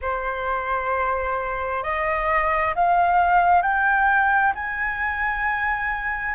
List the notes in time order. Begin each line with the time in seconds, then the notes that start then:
0.01 C5
1.83 D#5
2.75 F5
3.62 G5
4.55 G#5